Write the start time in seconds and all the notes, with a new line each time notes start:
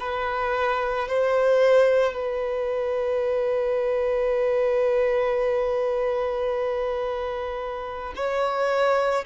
0.00 B4
1.08 C5
2.14 B4
8.16 C#5